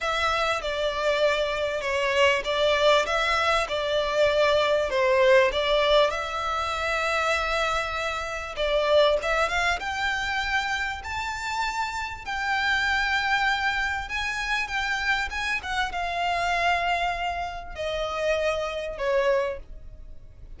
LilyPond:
\new Staff \with { instrumentName = "violin" } { \time 4/4 \tempo 4 = 98 e''4 d''2 cis''4 | d''4 e''4 d''2 | c''4 d''4 e''2~ | e''2 d''4 e''8 f''8 |
g''2 a''2 | g''2. gis''4 | g''4 gis''8 fis''8 f''2~ | f''4 dis''2 cis''4 | }